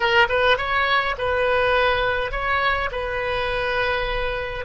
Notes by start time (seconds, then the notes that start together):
0.00 A#4
0.28 B4
0.57 C#5
1.18 B4
2.31 C#5
2.91 B4